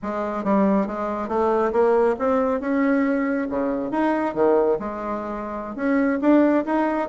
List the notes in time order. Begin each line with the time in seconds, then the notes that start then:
0.02 G#3
0.43 G3
0.86 G#3
1.28 A3
1.72 A#3
2.18 C4
2.60 C#4
3.49 C#3
3.91 D#4
4.34 D#3
4.79 G#3
5.75 C#4
6.21 D4
6.65 D#4